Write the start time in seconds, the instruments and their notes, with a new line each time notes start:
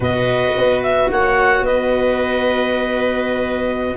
0.00 tuba B2, cello F#4, viola B4, clarinet D#5
0.56 tuba B3
0.82 clarinet E5
1.11 tuba A#3, viola C#5, clarinet F#5
1.61 tuba B3, viola B4, clarinet D#5